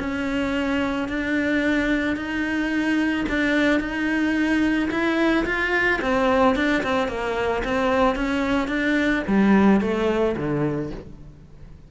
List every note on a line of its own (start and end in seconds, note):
0.00 1.09 C#4
1.09 2.16 D4
2.16 3.26 D#4
3.29 3.81 D4
3.81 4.90 D#4
4.91 5.46 E4
5.46 6.00 F4
6.01 6.56 C4
6.56 6.83 D4
6.84 7.08 C4
7.08 7.63 A#3
7.65 8.16 C4
8.16 8.69 C#4
8.69 9.23 D4
9.28 9.81 G3
9.81 10.36 A3
10.37 10.91 D3